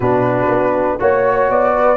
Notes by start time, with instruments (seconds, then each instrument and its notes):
0.00 tuba B2, trombone D4, horn F#4, flute B4
0.48 tuba B3
0.99 tuba A#3, trombone F#4, horn C#5, flute C#5
1.49 tuba B3, flute D5
1.73 horn B4